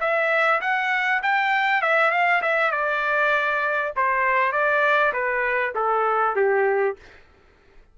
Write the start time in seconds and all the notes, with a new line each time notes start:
0.00 E5
0.61 F#5
1.23 G5
1.82 E5
2.11 F5
2.42 E5
2.71 D5
3.96 C5
4.52 D5
5.13 B4
5.75 A4
6.36 G4